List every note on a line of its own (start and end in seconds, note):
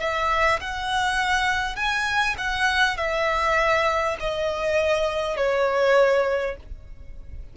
0.00 0.60 E5
0.61 1.76 F#5
1.76 2.36 G#5
2.38 2.98 F#5
2.98 4.18 E5
4.20 5.37 D#5
5.37 6.57 C#5